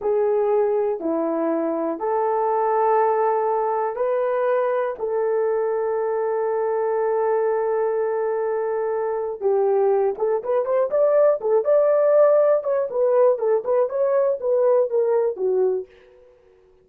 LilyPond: \new Staff \with { instrumentName = "horn" } { \time 4/4 \tempo 4 = 121 gis'2 e'2 | a'1 | b'2 a'2~ | a'1~ |
a'2. g'4~ | g'8 a'8 b'8 c''8 d''4 a'8 d''8~ | d''4. cis''8 b'4 a'8 b'8 | cis''4 b'4 ais'4 fis'4 | }